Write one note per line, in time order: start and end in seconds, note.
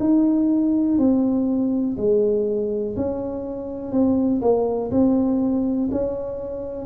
0.00 0.98 D#4
0.99 1.97 C4
1.97 2.96 G#3
2.97 3.93 C#4
3.93 4.42 C4
4.42 4.91 A#3
4.91 5.90 C4
5.92 6.86 C#4